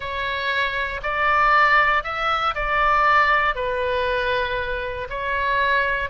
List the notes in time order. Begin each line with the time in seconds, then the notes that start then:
0.00 C#5
1.02 D5
2.03 E5
2.54 D5
3.55 B4
5.09 C#5